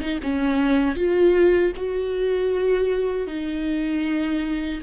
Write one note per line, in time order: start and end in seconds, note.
0.00 0.19 D#4
0.22 0.95 C#4
0.95 1.72 F4
1.76 3.27 F#4
3.27 4.81 D#4